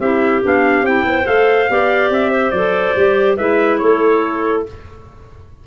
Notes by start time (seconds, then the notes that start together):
0.00 C4 E4 G4 E5
0.43 B3 D4 F5
0.82 C4 E4 G5
1.04 B3 C5
1.23 A3 A4 F5
1.70 B3 G4 D5
2.10 C4 E5
2.31 C5
2.51 F#3 A4 D5
2.96 G3 G4
3.37 G#3 E4 B4 E5
3.79 A3 A4 C#5